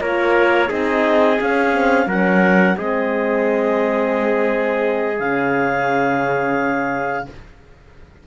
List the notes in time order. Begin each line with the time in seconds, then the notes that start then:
0.00 A#3 F4 A#4 C#5
0.69 C4 D#4 G#4 D#5
1.41 C#4 F5
1.73 C4
2.07 F#3 C#4 A#4 F#5
2.77 G#3 C4 G#4 D#5
5.19 C#3 C#4 F5